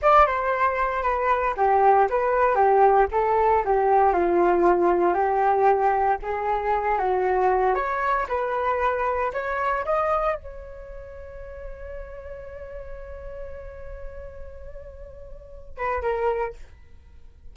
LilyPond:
\new Staff \with { instrumentName = "flute" } { \time 4/4 \tempo 4 = 116 d''8 c''4. b'4 g'4 | b'4 g'4 a'4 g'4 | f'2 g'2 | gis'4. fis'4. cis''4 |
b'2 cis''4 dis''4 | cis''1~ | cis''1~ | cis''2~ cis''8 b'8 ais'4 | }